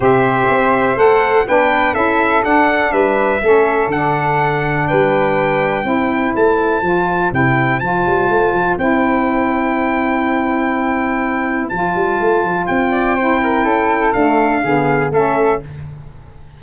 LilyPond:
<<
  \new Staff \with { instrumentName = "trumpet" } { \time 4/4 \tempo 4 = 123 e''2 fis''4 g''4 | e''4 fis''4 e''2 | fis''2 g''2~ | g''4 a''2 g''4 |
a''2 g''2~ | g''1 | a''2 g''2~ | g''4 f''2 e''4 | }
  \new Staff \with { instrumentName = "flute" } { \time 4/4 c''2. b'4 | a'2 b'4 a'4~ | a'2 b'2 | c''1~ |
c''1~ | c''1~ | c''2~ c''8 d''8 c''8 ais'8 | a'2 gis'4 a'4 | }
  \new Staff \with { instrumentName = "saxophone" } { \time 4/4 g'2 a'4 d'4 | e'4 d'2 cis'4 | d'1 | e'2 f'4 e'4 |
f'2 e'2~ | e'1 | f'2. e'4~ | e'4 a4 b4 cis'4 | }
  \new Staff \with { instrumentName = "tuba" } { \time 4/4 c4 c'4 a4 b4 | cis'4 d'4 g4 a4 | d2 g2 | c'4 a4 f4 c4 |
f8 g8 a8 f8 c'2~ | c'1 | f8 g8 a8 f8 c'2 | cis'4 d'4 d4 a4 | }
>>